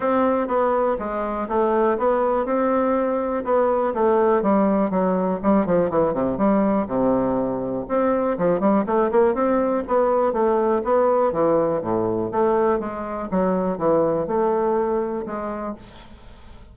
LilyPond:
\new Staff \with { instrumentName = "bassoon" } { \time 4/4 \tempo 4 = 122 c'4 b4 gis4 a4 | b4 c'2 b4 | a4 g4 fis4 g8 f8 | e8 c8 g4 c2 |
c'4 f8 g8 a8 ais8 c'4 | b4 a4 b4 e4 | a,4 a4 gis4 fis4 | e4 a2 gis4 | }